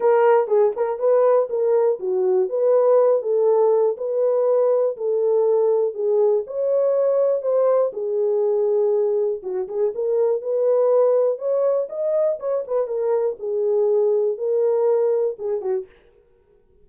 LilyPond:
\new Staff \with { instrumentName = "horn" } { \time 4/4 \tempo 4 = 121 ais'4 gis'8 ais'8 b'4 ais'4 | fis'4 b'4. a'4. | b'2 a'2 | gis'4 cis''2 c''4 |
gis'2. fis'8 gis'8 | ais'4 b'2 cis''4 | dis''4 cis''8 b'8 ais'4 gis'4~ | gis'4 ais'2 gis'8 fis'8 | }